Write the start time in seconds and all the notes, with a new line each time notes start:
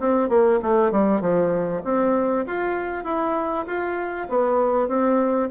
0.00 C4
0.29 A#3
0.62 A3
0.92 G3
1.21 F3
1.85 C4
2.47 F4
3.04 E4
3.67 F4
4.29 B3
4.89 C4